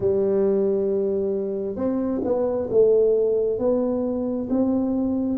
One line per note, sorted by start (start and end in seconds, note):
0.00 1.75 G3
1.75 2.20 C4
2.24 2.69 B3
2.69 3.59 A3
3.59 4.48 B3
4.49 5.38 C4